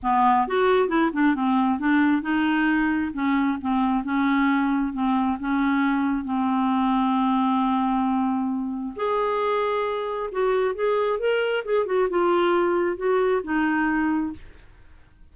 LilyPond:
\new Staff \with { instrumentName = "clarinet" } { \time 4/4 \tempo 4 = 134 b4 fis'4 e'8 d'8 c'4 | d'4 dis'2 cis'4 | c'4 cis'2 c'4 | cis'2 c'2~ |
c'1 | gis'2. fis'4 | gis'4 ais'4 gis'8 fis'8 f'4~ | f'4 fis'4 dis'2 | }